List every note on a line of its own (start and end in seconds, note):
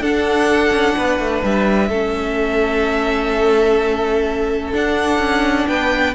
0.00 0.71 D4
0.00 1.92 D4
0.00 0.96 A4
0.00 1.44 F#5
0.71 0.95 C#4
0.97 1.19 B3
0.97 1.89 B4
1.19 1.43 A3
1.43 1.90 G3
1.43 4.74 E5
1.89 4.73 A3
1.89 4.73 C#4
1.89 5.67 A4
4.73 6.15 D4
4.73 5.19 D4
4.73 5.68 F#5
5.19 5.66 C#4
5.68 6.15 B3
5.68 6.15 B4
5.68 6.15 G5